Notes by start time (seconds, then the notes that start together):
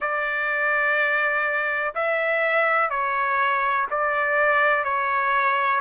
0.00 D5
1.94 E5
2.89 C#5
3.90 D5
4.84 C#5